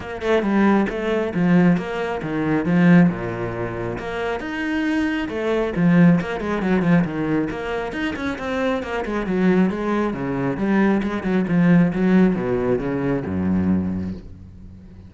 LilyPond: \new Staff \with { instrumentName = "cello" } { \time 4/4 \tempo 4 = 136 ais8 a8 g4 a4 f4 | ais4 dis4 f4 ais,4~ | ais,4 ais4 dis'2 | a4 f4 ais8 gis8 fis8 f8 |
dis4 ais4 dis'8 cis'8 c'4 | ais8 gis8 fis4 gis4 cis4 | g4 gis8 fis8 f4 fis4 | b,4 cis4 fis,2 | }